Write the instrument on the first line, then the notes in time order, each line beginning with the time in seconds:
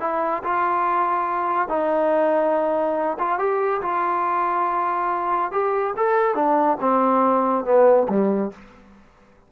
trombone
0.00 E4
0.43 F4
1.68 D#4
3.19 F4
3.38 G4
3.82 F4
5.51 G4
5.97 A4
6.35 D4
6.80 C4
7.64 B3
8.09 G3